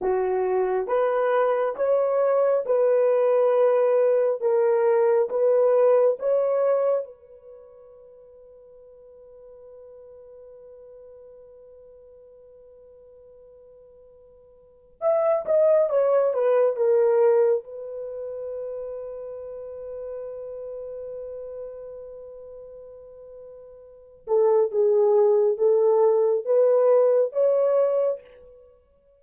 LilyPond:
\new Staff \with { instrumentName = "horn" } { \time 4/4 \tempo 4 = 68 fis'4 b'4 cis''4 b'4~ | b'4 ais'4 b'4 cis''4 | b'1~ | b'1~ |
b'4 e''8 dis''8 cis''8 b'8 ais'4 | b'1~ | b'2.~ b'8 a'8 | gis'4 a'4 b'4 cis''4 | }